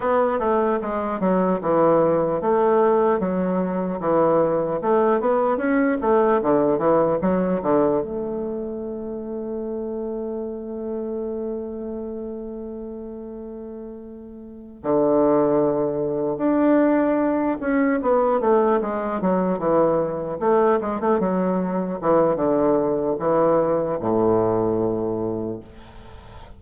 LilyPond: \new Staff \with { instrumentName = "bassoon" } { \time 4/4 \tempo 4 = 75 b8 a8 gis8 fis8 e4 a4 | fis4 e4 a8 b8 cis'8 a8 | d8 e8 fis8 d8 a2~ | a1~ |
a2~ a8 d4.~ | d8 d'4. cis'8 b8 a8 gis8 | fis8 e4 a8 gis16 a16 fis4 e8 | d4 e4 a,2 | }